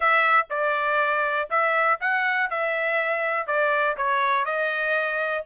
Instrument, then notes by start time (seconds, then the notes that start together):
trumpet
0.00 E5
0.50 D5
1.49 E5
2.00 F#5
2.50 E5
3.46 D5
3.96 C#5
4.45 D#5